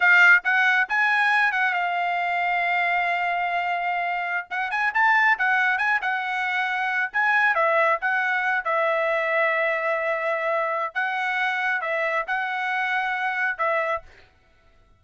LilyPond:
\new Staff \with { instrumentName = "trumpet" } { \time 4/4 \tempo 4 = 137 f''4 fis''4 gis''4. fis''8 | f''1~ | f''2~ f''16 fis''8 gis''8 a''8.~ | a''16 fis''4 gis''8 fis''2~ fis''16~ |
fis''16 gis''4 e''4 fis''4. e''16~ | e''1~ | e''4 fis''2 e''4 | fis''2. e''4 | }